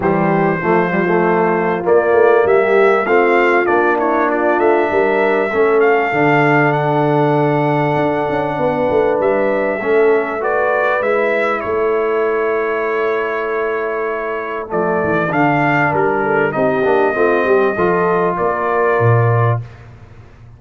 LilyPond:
<<
  \new Staff \with { instrumentName = "trumpet" } { \time 4/4 \tempo 4 = 98 c''2. d''4 | e''4 f''4 d''8 cis''8 d''8 e''8~ | e''4. f''4. fis''4~ | fis''2. e''4~ |
e''4 d''4 e''4 cis''4~ | cis''1 | d''4 f''4 ais'4 dis''4~ | dis''2 d''2 | }
  \new Staff \with { instrumentName = "horn" } { \time 4/4 g'4 f'2. | g'4 f'4. e'8 f'4 | ais'4 a'2.~ | a'2 b'2 |
a'4 b'2 a'4~ | a'1~ | a'2 ais'8 a'8 g'4 | f'8 g'8 a'4 ais'2 | }
  \new Staff \with { instrumentName = "trombone" } { \time 4/4 g4 a8 g16 a4~ a16 ais4~ | ais4 c'4 d'2~ | d'4 cis'4 d'2~ | d'1 |
cis'4 fis'4 e'2~ | e'1 | a4 d'2 dis'8 d'8 | c'4 f'2. | }
  \new Staff \with { instrumentName = "tuba" } { \time 4/4 e4 f2 ais8 a8 | g4 a4 ais4. a8 | g4 a4 d2~ | d4 d'8 cis'8 b8 a8 g4 |
a2 gis4 a4~ | a1 | f8 e8 d4 g4 c'8 ais8 | a8 g8 f4 ais4 ais,4 | }
>>